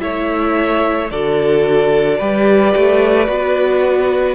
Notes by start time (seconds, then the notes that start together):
0.00 A3 E4 C#5 E5
1.11 D3 F#4 A4 D5
2.18 G3 G4 B4
2.76 A3
3.27 B3 F#4